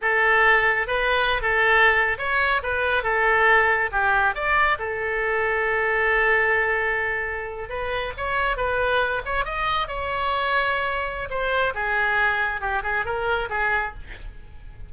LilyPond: \new Staff \with { instrumentName = "oboe" } { \time 4/4 \tempo 4 = 138 a'2 b'4~ b'16 a'8.~ | a'4 cis''4 b'4 a'4~ | a'4 g'4 d''4 a'4~ | a'1~ |
a'4.~ a'16 b'4 cis''4 b'16~ | b'4~ b'16 cis''8 dis''4 cis''4~ cis''16~ | cis''2 c''4 gis'4~ | gis'4 g'8 gis'8 ais'4 gis'4 | }